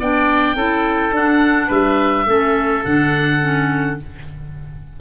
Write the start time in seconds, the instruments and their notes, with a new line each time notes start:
0.00 tuba B3, clarinet D4, oboe D5 G5
0.56 tuba C#4, clarinet E4, oboe A4
1.12 clarinet D4, tuba D4, oboe F#5
1.68 tuba G3, oboe B4 E5
2.27 tuba A3, clarinet C#4, oboe A4
2.85 tuba D3, clarinet D4, oboe F#5
3.41 clarinet C#4